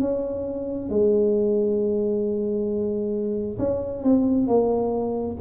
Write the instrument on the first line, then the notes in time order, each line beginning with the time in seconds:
tuba
0.00 C#4
0.90 G#3
3.59 C#4
4.04 C4
4.48 A#3